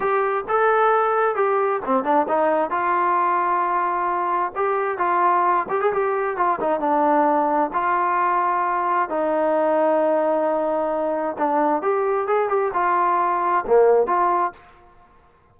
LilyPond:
\new Staff \with { instrumentName = "trombone" } { \time 4/4 \tempo 4 = 132 g'4 a'2 g'4 | c'8 d'8 dis'4 f'2~ | f'2 g'4 f'4~ | f'8 g'16 gis'16 g'4 f'8 dis'8 d'4~ |
d'4 f'2. | dis'1~ | dis'4 d'4 g'4 gis'8 g'8 | f'2 ais4 f'4 | }